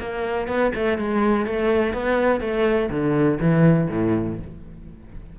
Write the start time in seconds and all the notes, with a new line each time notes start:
0.00 A#3
0.48 B3
0.76 A3
0.99 G#3
1.47 A3
1.94 B3
2.41 A3
2.90 D3
3.40 E3
3.90 A2